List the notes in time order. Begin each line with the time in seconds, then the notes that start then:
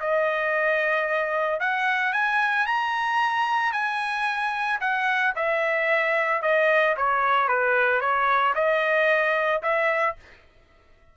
0.00 D#5
1.60 F#5
2.13 G#5
2.66 A#5
3.72 G#5
4.80 F#5
5.35 E5
6.42 D#5
6.97 C#5
7.48 B4
8.01 C#5
8.55 D#5
9.62 E5